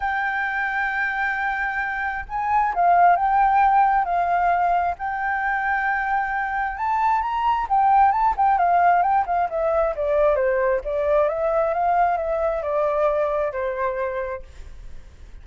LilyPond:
\new Staff \with { instrumentName = "flute" } { \time 4/4 \tempo 4 = 133 g''1~ | g''4 gis''4 f''4 g''4~ | g''4 f''2 g''4~ | g''2. a''4 |
ais''4 g''4 a''8 g''8 f''4 | g''8 f''8 e''4 d''4 c''4 | d''4 e''4 f''4 e''4 | d''2 c''2 | }